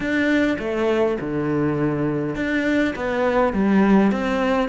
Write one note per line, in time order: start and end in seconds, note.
0.00 0.57 D4
0.58 1.17 A3
1.20 2.35 D3
2.35 2.94 D4
2.95 3.53 B3
3.53 4.11 G3
4.11 4.68 C4